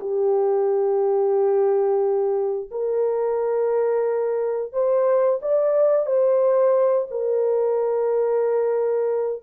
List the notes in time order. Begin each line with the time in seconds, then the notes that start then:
0.00 G4
2.71 A#4
4.73 C5
5.42 D5
6.06 C5
7.11 A#4